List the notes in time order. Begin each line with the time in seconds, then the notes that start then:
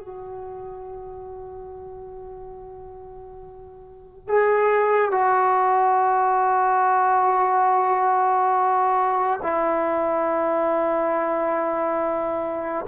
0.00 F#4
4.28 G#4
5.12 F#4
9.42 E4